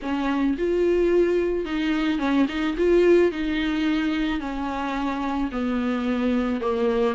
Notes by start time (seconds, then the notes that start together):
0.02 C#4
0.58 F4
1.65 D#4
2.19 C#4
2.48 D#4
2.77 F4
3.31 D#4
4.40 C#4
5.51 B3
6.60 A#3